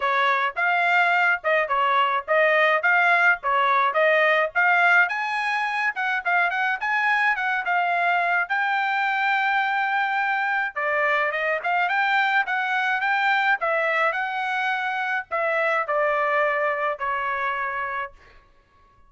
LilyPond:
\new Staff \with { instrumentName = "trumpet" } { \time 4/4 \tempo 4 = 106 cis''4 f''4. dis''8 cis''4 | dis''4 f''4 cis''4 dis''4 | f''4 gis''4. fis''8 f''8 fis''8 | gis''4 fis''8 f''4. g''4~ |
g''2. d''4 | dis''8 f''8 g''4 fis''4 g''4 | e''4 fis''2 e''4 | d''2 cis''2 | }